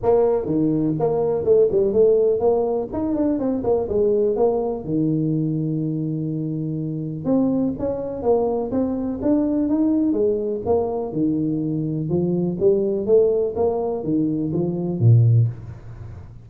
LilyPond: \new Staff \with { instrumentName = "tuba" } { \time 4/4 \tempo 4 = 124 ais4 dis4 ais4 a8 g8 | a4 ais4 dis'8 d'8 c'8 ais8 | gis4 ais4 dis2~ | dis2. c'4 |
cis'4 ais4 c'4 d'4 | dis'4 gis4 ais4 dis4~ | dis4 f4 g4 a4 | ais4 dis4 f4 ais,4 | }